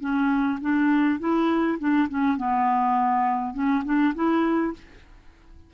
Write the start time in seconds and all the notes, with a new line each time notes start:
0.00 C#4
0.60 D4
1.19 E4
1.79 D4
2.09 C#4
2.37 B3
3.53 C#4
3.84 D4
4.15 E4